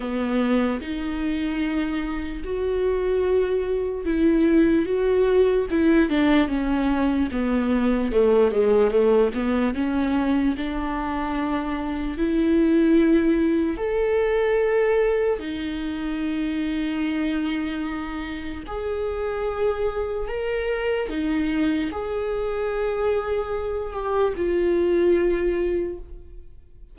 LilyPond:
\new Staff \with { instrumentName = "viola" } { \time 4/4 \tempo 4 = 74 b4 dis'2 fis'4~ | fis'4 e'4 fis'4 e'8 d'8 | cis'4 b4 a8 gis8 a8 b8 | cis'4 d'2 e'4~ |
e'4 a'2 dis'4~ | dis'2. gis'4~ | gis'4 ais'4 dis'4 gis'4~ | gis'4. g'8 f'2 | }